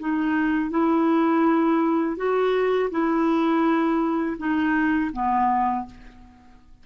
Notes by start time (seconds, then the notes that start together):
0.00 D#4
0.71 E4
2.17 F#4
2.91 E4
4.38 D#4
5.13 B3